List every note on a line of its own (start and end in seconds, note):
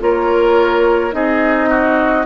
0.00 1.13 A#3
0.00 1.12 F4
0.00 1.15 A#4
0.00 1.13 C#5
1.12 2.27 C4
1.12 2.25 D#4
1.12 1.70 G#4
1.12 2.27 D#5
1.70 2.26 F#4